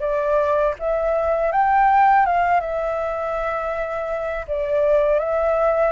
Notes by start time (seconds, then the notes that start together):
0.00 D5
0.79 E5
1.52 G5
2.26 F5
2.60 E5
4.48 D5
5.19 E5